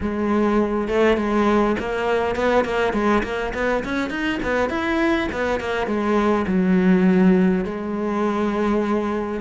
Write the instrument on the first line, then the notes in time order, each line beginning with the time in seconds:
cello
0.01 G#3
0.88 A3
1.17 G#3
1.79 A#3
2.35 B3
2.64 A#3
2.93 G#3
3.23 A#3
3.54 B3
3.84 C#4
4.10 D#4
4.43 B3
4.69 E4
5.32 B3
5.60 A#3
5.87 G#3
6.47 F#3
7.64 G#3